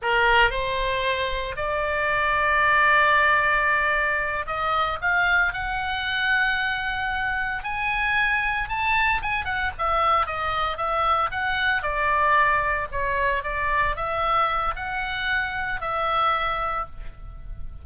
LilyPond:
\new Staff \with { instrumentName = "oboe" } { \time 4/4 \tempo 4 = 114 ais'4 c''2 d''4~ | d''1~ | d''8 dis''4 f''4 fis''4.~ | fis''2~ fis''8 gis''4.~ |
gis''8 a''4 gis''8 fis''8 e''4 dis''8~ | dis''8 e''4 fis''4 d''4.~ | d''8 cis''4 d''4 e''4. | fis''2 e''2 | }